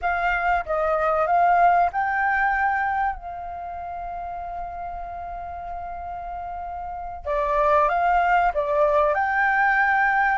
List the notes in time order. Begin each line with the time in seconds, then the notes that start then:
0.01 F5
0.65 D#5
1.27 F5
1.92 G5
3.15 F5
7.25 D5
7.89 F5
8.53 D5
9.14 G5